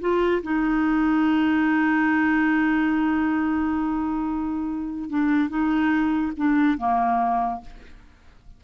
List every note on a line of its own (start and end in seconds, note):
0.00 0.42 F4
0.43 5.09 D#4
5.09 5.49 D4
5.49 6.32 D#4
6.37 6.78 D4
6.78 7.61 A#3